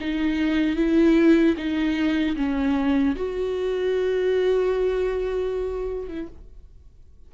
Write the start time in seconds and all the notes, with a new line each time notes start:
0.00 D#4
0.76 E4
1.56 D#4
2.36 C#4
3.15 F#4
6.08 E4